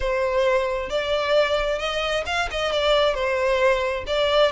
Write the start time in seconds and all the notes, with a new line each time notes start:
0.00 C5
0.89 D5
1.78 D#5
2.26 F5
2.50 D#5
2.72 D5
3.14 C5
4.06 D5